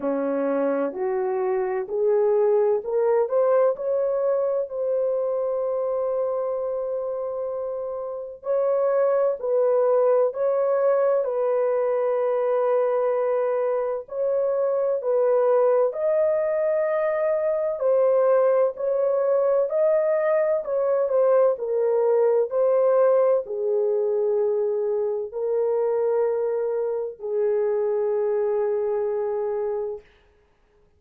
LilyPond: \new Staff \with { instrumentName = "horn" } { \time 4/4 \tempo 4 = 64 cis'4 fis'4 gis'4 ais'8 c''8 | cis''4 c''2.~ | c''4 cis''4 b'4 cis''4 | b'2. cis''4 |
b'4 dis''2 c''4 | cis''4 dis''4 cis''8 c''8 ais'4 | c''4 gis'2 ais'4~ | ais'4 gis'2. | }